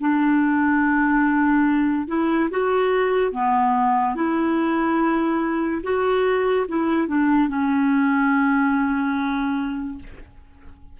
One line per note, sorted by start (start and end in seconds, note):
0.00 2.08 D4
2.08 2.50 E4
2.51 3.32 F#4
3.32 4.16 B3
4.16 5.82 E4
5.83 6.67 F#4
6.68 7.08 E4
7.08 7.48 D4
7.48 9.98 C#4